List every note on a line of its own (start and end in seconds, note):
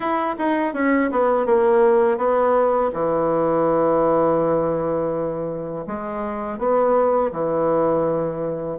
0.00 0.35 E4
0.38 0.73 D#4
0.73 1.10 C#4
1.11 1.46 B3
1.46 2.17 A#3
2.17 2.90 B3
2.93 5.85 E3
5.87 6.58 G#3
6.58 7.31 B3
7.32 8.78 E3